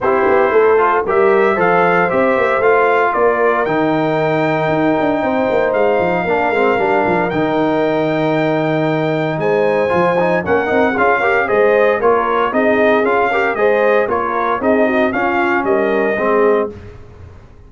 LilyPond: <<
  \new Staff \with { instrumentName = "trumpet" } { \time 4/4 \tempo 4 = 115 c''2 e''4 f''4 | e''4 f''4 d''4 g''4~ | g''2. f''4~ | f''2 g''2~ |
g''2 gis''2 | fis''4 f''4 dis''4 cis''4 | dis''4 f''4 dis''4 cis''4 | dis''4 f''4 dis''2 | }
  \new Staff \with { instrumentName = "horn" } { \time 4/4 g'4 a'4 ais'4 c''4~ | c''2 ais'2~ | ais'2 c''2 | ais'1~ |
ais'2 c''2 | ais'4 gis'8 ais'8 c''4 ais'4 | gis'4. ais'8 c''4 ais'4 | gis'8 fis'8 f'4 ais'4 gis'4 | }
  \new Staff \with { instrumentName = "trombone" } { \time 4/4 e'4. f'8 g'4 a'4 | g'4 f'2 dis'4~ | dis'1 | d'8 c'8 d'4 dis'2~ |
dis'2. f'8 dis'8 | cis'8 dis'8 f'8 g'8 gis'4 f'4 | dis'4 f'8 g'8 gis'4 f'4 | dis'4 cis'2 c'4 | }
  \new Staff \with { instrumentName = "tuba" } { \time 4/4 c'8 b8 a4 g4 f4 | c'8 ais8 a4 ais4 dis4~ | dis4 dis'8 d'8 c'8 ais8 gis8 f8 | ais8 gis8 g8 f8 dis2~ |
dis2 gis4 f4 | ais8 c'8 cis'4 gis4 ais4 | c'4 cis'4 gis4 ais4 | c'4 cis'4 g4 gis4 | }
>>